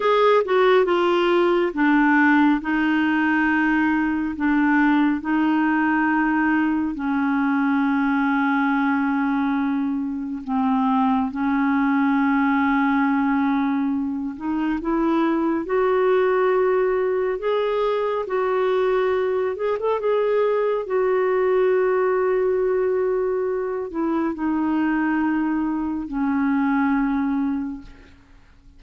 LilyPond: \new Staff \with { instrumentName = "clarinet" } { \time 4/4 \tempo 4 = 69 gis'8 fis'8 f'4 d'4 dis'4~ | dis'4 d'4 dis'2 | cis'1 | c'4 cis'2.~ |
cis'8 dis'8 e'4 fis'2 | gis'4 fis'4. gis'16 a'16 gis'4 | fis'2.~ fis'8 e'8 | dis'2 cis'2 | }